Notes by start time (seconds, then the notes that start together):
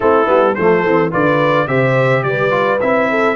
0.00 A3 C4 E4 A4
0.25 G3 B3
0.55 F3 A3 A4 C5
0.85 E3 C4
1.11 D3 F4 B4 D5
1.67 C3 G4 C5 E5
2.23 G3 B4 D5
2.50 F4
2.80 C4 E4 E5
3.10 A4